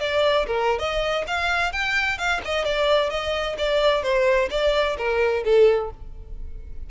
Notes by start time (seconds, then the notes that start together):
0.00 D5
0.46 A#4
0.79 D#5
1.27 F5
1.73 G5
2.18 F5
2.45 D#5
2.65 D5
3.10 D#5
3.58 D5
4.03 C5
4.51 D5
4.98 A#4
5.44 A4